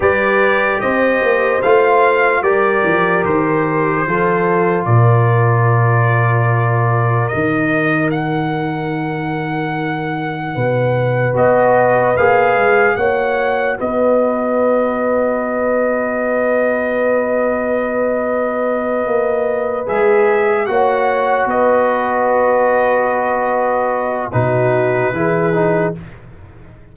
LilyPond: <<
  \new Staff \with { instrumentName = "trumpet" } { \time 4/4 \tempo 4 = 74 d''4 dis''4 f''4 d''4 | c''2 d''2~ | d''4 dis''4 fis''2~ | fis''2 dis''4 f''4 |
fis''4 dis''2.~ | dis''1~ | dis''8 e''4 fis''4 dis''4.~ | dis''2 b'2 | }
  \new Staff \with { instrumentName = "horn" } { \time 4/4 b'4 c''2 ais'4~ | ais'4 a'4 ais'2~ | ais'1~ | ais'4 b'2. |
cis''4 b'2.~ | b'1~ | b'4. cis''4 b'4.~ | b'2 fis'4 gis'4 | }
  \new Staff \with { instrumentName = "trombone" } { \time 4/4 g'2 f'4 g'4~ | g'4 f'2.~ | f'4 dis'2.~ | dis'2 fis'4 gis'4 |
fis'1~ | fis'1~ | fis'8 gis'4 fis'2~ fis'8~ | fis'2 dis'4 e'8 dis'8 | }
  \new Staff \with { instrumentName = "tuba" } { \time 4/4 g4 c'8 ais8 a4 g8 f8 | dis4 f4 ais,2~ | ais,4 dis2.~ | dis4 b,4 b4 ais8 gis8 |
ais4 b2.~ | b2.~ b8 ais8~ | ais8 gis4 ais4 b4.~ | b2 b,4 e4 | }
>>